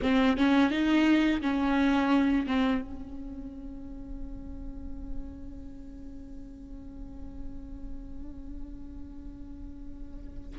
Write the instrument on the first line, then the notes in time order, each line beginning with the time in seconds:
viola
0.02 C4
0.37 C#4
0.70 D#4
1.41 C#4
2.46 C4
2.81 C#4